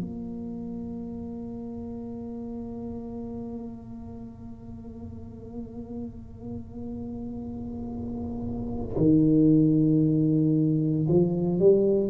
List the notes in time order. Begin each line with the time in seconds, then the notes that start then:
0.00 A#3
8.97 D#3
11.09 F3
11.59 G3